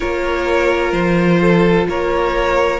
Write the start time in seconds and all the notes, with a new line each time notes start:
0.00 A#3 F4 A#4 C#5
0.91 F3 C5
1.40 A4
1.88 A#3 A#4 C#5